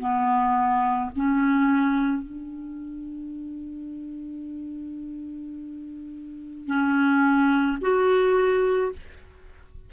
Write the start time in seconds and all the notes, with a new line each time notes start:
0.00 B3
1.16 C#4
2.23 D4
6.67 C#4
7.82 F#4